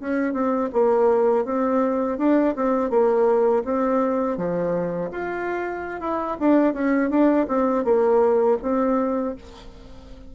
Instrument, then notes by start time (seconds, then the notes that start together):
bassoon
0.00 C#4
0.33 C4
0.73 A#3
1.45 C4
2.18 D4
2.56 C4
2.90 A#3
3.65 C4
4.37 F3
5.11 F4
6.01 E4
6.40 D4
6.74 C#4
7.10 D4
7.48 C4
7.85 A#3
8.62 C4